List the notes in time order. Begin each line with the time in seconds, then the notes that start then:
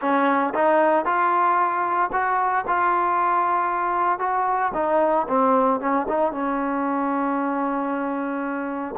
0.00 C#4
0.54 D#4
1.05 F4
2.12 F#4
2.67 F4
4.19 F#4
4.74 D#4
5.28 C4
5.80 C#4
6.08 D#4
6.32 C#4